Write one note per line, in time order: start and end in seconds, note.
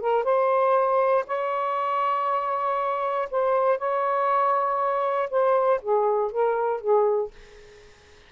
0.00 0.24 A#4
0.24 1.24 C5
1.27 3.29 C#5
3.31 3.78 C5
3.78 5.29 C#5
5.30 5.81 C5
5.81 6.31 G#4
6.31 6.80 A#4
6.80 7.31 G#4